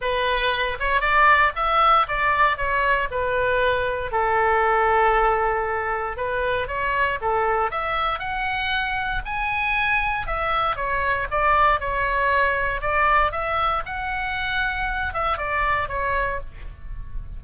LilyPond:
\new Staff \with { instrumentName = "oboe" } { \time 4/4 \tempo 4 = 117 b'4. cis''8 d''4 e''4 | d''4 cis''4 b'2 | a'1 | b'4 cis''4 a'4 e''4 |
fis''2 gis''2 | e''4 cis''4 d''4 cis''4~ | cis''4 d''4 e''4 fis''4~ | fis''4. e''8 d''4 cis''4 | }